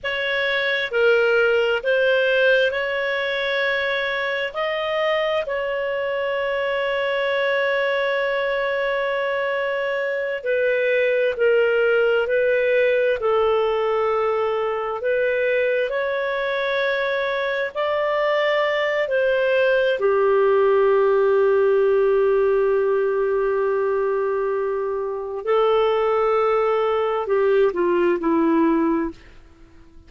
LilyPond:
\new Staff \with { instrumentName = "clarinet" } { \time 4/4 \tempo 4 = 66 cis''4 ais'4 c''4 cis''4~ | cis''4 dis''4 cis''2~ | cis''2.~ cis''8 b'8~ | b'8 ais'4 b'4 a'4.~ |
a'8 b'4 cis''2 d''8~ | d''4 c''4 g'2~ | g'1 | a'2 g'8 f'8 e'4 | }